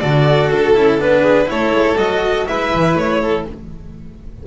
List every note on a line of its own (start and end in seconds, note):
0.00 0.52 D3
0.00 0.75 F#4
0.00 1.22 A4
0.00 0.50 D5
0.51 0.76 D4
0.51 1.01 A4
0.75 0.99 C#4
0.75 0.99 E4
0.99 1.49 B3
0.99 1.46 D4
0.99 1.50 B4
1.22 1.47 G#4
1.46 1.73 A3
1.46 1.95 E4
1.46 2.49 A4
1.46 1.98 C#5
1.73 1.97 G#3
1.97 2.47 F#3
1.97 2.46 F#4
1.97 2.48 D#5
2.46 2.74 G#3
2.46 3.45 E4
2.46 3.21 B4
2.46 2.97 E5
2.75 2.96 E3
2.96 3.45 A3
2.96 3.47 C#5
3.21 3.46 A4